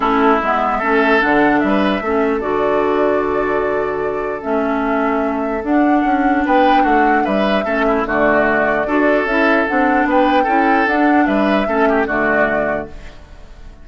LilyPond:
<<
  \new Staff \with { instrumentName = "flute" } { \time 4/4 \tempo 4 = 149 a'4 e''2 fis''4 | e''2 d''2~ | d''2. e''4~ | e''2 fis''2 |
g''4 fis''4 e''2 | d''2. e''4 | fis''4 g''2 fis''4 | e''2 d''2 | }
  \new Staff \with { instrumentName = "oboe" } { \time 4/4 e'2 a'2 | b'4 a'2.~ | a'1~ | a'1 |
b'4 fis'4 b'4 a'8 e'8 | fis'2 a'2~ | a'4 b'4 a'2 | b'4 a'8 g'8 fis'2 | }
  \new Staff \with { instrumentName = "clarinet" } { \time 4/4 cis'4 b4 cis'4 d'4~ | d'4 cis'4 fis'2~ | fis'2. cis'4~ | cis'2 d'2~ |
d'2. cis'4 | a2 fis'4 e'4 | d'2 e'4 d'4~ | d'4 cis'4 a2 | }
  \new Staff \with { instrumentName = "bassoon" } { \time 4/4 a4 gis4 a4 d4 | g4 a4 d2~ | d2. a4~ | a2 d'4 cis'4 |
b4 a4 g4 a4 | d2 d'4 cis'4 | c'4 b4 cis'4 d'4 | g4 a4 d2 | }
>>